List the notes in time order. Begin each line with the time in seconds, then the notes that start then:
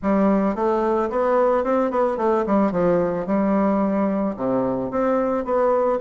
0.02 G3
0.55 A3
1.10 B3
1.64 C4
1.91 B3
2.17 A3
2.46 G3
2.71 F3
3.26 G3
4.36 C3
4.90 C4
5.44 B3